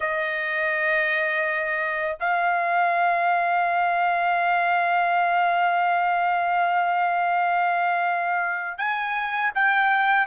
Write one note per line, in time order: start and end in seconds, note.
0.00 2.17 D#5
2.20 8.78 F5
8.78 9.51 G#5
9.54 10.26 G5